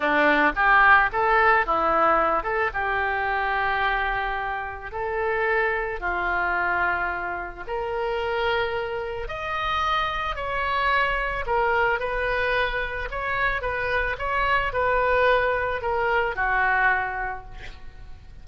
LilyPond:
\new Staff \with { instrumentName = "oboe" } { \time 4/4 \tempo 4 = 110 d'4 g'4 a'4 e'4~ | e'8 a'8 g'2.~ | g'4 a'2 f'4~ | f'2 ais'2~ |
ais'4 dis''2 cis''4~ | cis''4 ais'4 b'2 | cis''4 b'4 cis''4 b'4~ | b'4 ais'4 fis'2 | }